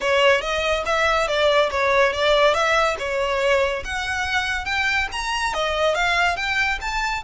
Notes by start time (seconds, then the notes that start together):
0.00 C#5
0.41 D#5
0.85 E5
1.27 D5
1.70 C#5
2.12 D5
2.53 E5
2.98 C#5
3.84 F#5
4.65 G5
5.12 A#5
5.53 D#5
5.95 F5
6.36 G5
6.81 A5